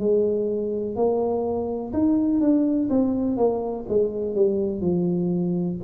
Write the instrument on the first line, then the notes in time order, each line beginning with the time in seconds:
tuba
0.00 G#3
0.96 A#3
1.94 D#4
2.41 D4
2.90 C4
3.37 A#3
3.89 G#3
4.35 G3
4.81 F3